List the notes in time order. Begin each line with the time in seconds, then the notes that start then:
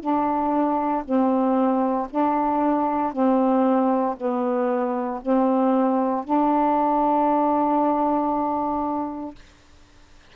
0.00 D4
1.04 C4
2.10 D4
3.13 C4
4.17 B3
5.22 C4
6.24 D4